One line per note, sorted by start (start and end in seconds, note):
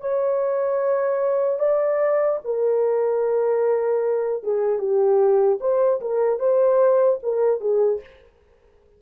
0.00 1.59 C#5
1.59 2.39 D5
2.44 4.43 A#4
4.43 4.79 G#4
4.79 5.59 G4
5.60 6.00 C5
6.00 6.39 A#4
6.39 7.19 C5
7.22 7.60 A#4
7.60 8.00 G#4